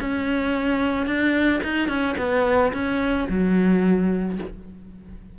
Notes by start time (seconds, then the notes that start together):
0.00 C#4
1.07 D4
1.64 D#4
1.89 C#4
2.18 B3
2.73 C#4
3.30 F#3